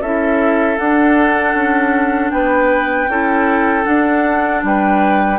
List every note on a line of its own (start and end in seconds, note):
0.00 0.77 C#4
0.00 0.77 E4
0.00 2.32 A4
0.00 0.78 E5
0.77 3.08 D4
0.77 1.54 D4
0.77 2.30 F#5
1.54 2.31 C#4
2.30 3.08 B3
2.30 3.10 B4
2.30 3.84 G5
3.08 3.84 C#4
3.08 3.84 E4
3.08 4.64 A4
3.84 5.37 D4
3.84 4.63 D4
3.84 4.61 F#5
4.63 5.38 G3
4.63 5.38 B4
4.63 5.38 G5